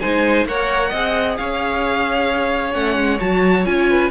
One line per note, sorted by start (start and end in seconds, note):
0.00 0.45 G#3
0.00 0.47 D#4
0.00 0.47 C5
0.00 0.45 G#5
0.45 0.91 A#3
0.45 0.93 A#4
0.45 0.89 C#5
0.45 1.37 F#5
0.89 1.38 C4
0.89 2.71 G#4
0.89 1.35 D#5
1.37 2.75 C#4
1.37 3.89 C#5
1.37 2.73 F5
2.71 2.96 A3
2.71 3.17 C#4
2.71 3.19 F#5
2.96 3.19 G#3
3.20 3.66 F#3
3.20 3.65 F#4
3.20 3.65 A5
3.65 4.10 C#4
3.65 4.10 F4
3.65 4.10 G#5
3.89 4.10 B4